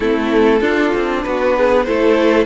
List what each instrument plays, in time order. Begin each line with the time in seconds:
0.00 cello A3, viola C4, violin E4 A4
0.60 cello D4, viola D4, violin F4
0.94 cello C4
1.23 cello B3, violin F#4 B4
1.56 violin G#4
1.83 cello A3, viola E4, violin A4 C5